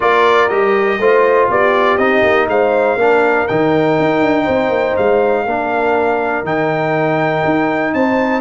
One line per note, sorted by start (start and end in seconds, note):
0.00 0.50 A#3
0.00 0.49 F4
0.00 0.99 A#4
0.00 0.48 D5
0.48 0.99 G3
0.48 0.99 G4
0.48 1.47 D#5
0.99 1.48 A3
0.99 1.98 F4
0.99 1.49 C5
1.48 1.97 B3
1.48 2.48 G4
1.48 1.97 D5
1.97 2.22 C4
1.97 2.97 D#4
1.97 2.47 D#5
2.23 2.47 A#3
2.47 2.95 G#3
2.47 2.98 C5
2.47 3.47 F5
2.95 3.45 A#3
2.95 3.48 D4
2.95 4.43 A#4
3.47 3.99 D#3
3.47 5.47 D#4
3.47 4.96 G5
3.99 4.21 D#4
4.21 4.46 D4
4.43 4.69 C4
4.43 5.43 C5
4.69 4.94 A#3
4.96 5.45 G#3
4.96 6.45 F5
5.45 6.43 A#3
5.45 6.45 D4
5.45 7.94 A#4
6.43 7.42 D#3
6.43 8.40 D#4
6.43 7.94 G5
7.44 7.94 D#4
7.94 8.40 C4
7.94 8.40 C5
7.94 8.40 A5